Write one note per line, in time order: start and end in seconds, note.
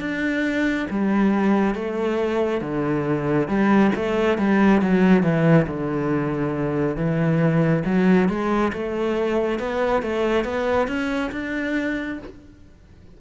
0.00 0.87 D4
0.91 1.75 G3
1.75 2.61 A3
2.61 3.48 D3
3.48 3.92 G3
3.96 4.38 A3
4.38 4.82 G3
4.82 5.23 F#3
5.23 5.67 E3
5.68 6.97 D3
6.97 7.84 E3
7.85 8.29 F#3
8.29 8.72 G#3
8.73 9.59 A3
9.59 10.03 B3
10.03 10.45 A3
10.45 10.88 B3
10.88 11.31 C#4
11.32 12.19 D4